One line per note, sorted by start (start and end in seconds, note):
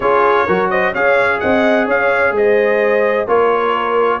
0.00 0.46 C#4
0.00 0.48 F4
0.00 0.46 G#4
0.00 0.70 C#5
0.46 0.94 F#3
0.46 0.94 F#4
0.46 0.69 A#4
0.70 0.93 C5
0.70 0.93 D#5
0.93 1.41 C#4
0.93 3.27 G#4
0.93 1.39 C#5
0.93 1.40 F5
1.40 1.87 C4
1.40 1.86 D#5
1.40 1.87 F#5
1.86 2.31 C#4
1.86 2.33 C#5
1.86 2.36 F5
2.31 3.25 G#3
2.31 3.28 C5
2.31 3.28 D#5
3.27 4.20 A#3
3.27 4.20 F4
3.27 4.20 A#4
3.27 4.20 C#5